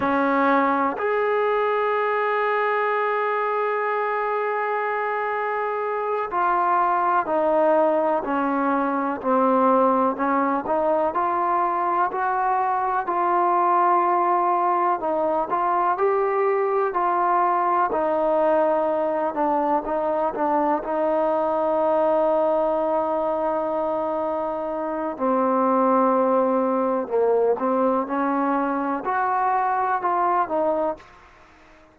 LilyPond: \new Staff \with { instrumentName = "trombone" } { \time 4/4 \tempo 4 = 62 cis'4 gis'2.~ | gis'2~ gis'8 f'4 dis'8~ | dis'8 cis'4 c'4 cis'8 dis'8 f'8~ | f'8 fis'4 f'2 dis'8 |
f'8 g'4 f'4 dis'4. | d'8 dis'8 d'8 dis'2~ dis'8~ | dis'2 c'2 | ais8 c'8 cis'4 fis'4 f'8 dis'8 | }